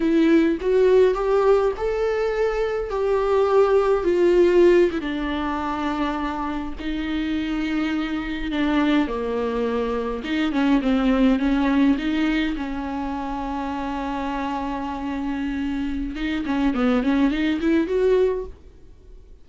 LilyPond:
\new Staff \with { instrumentName = "viola" } { \time 4/4 \tempo 4 = 104 e'4 fis'4 g'4 a'4~ | a'4 g'2 f'4~ | f'8 e'16 d'2. dis'16~ | dis'2~ dis'8. d'4 ais16~ |
ais4.~ ais16 dis'8 cis'8 c'4 cis'16~ | cis'8. dis'4 cis'2~ cis'16~ | cis'1 | dis'8 cis'8 b8 cis'8 dis'8 e'8 fis'4 | }